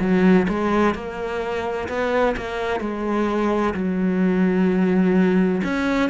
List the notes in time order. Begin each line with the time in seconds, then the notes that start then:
0.00 F#3
0.48 G#3
0.94 A#3
1.88 B3
2.37 A#3
2.80 G#3
3.74 F#3
5.64 C#4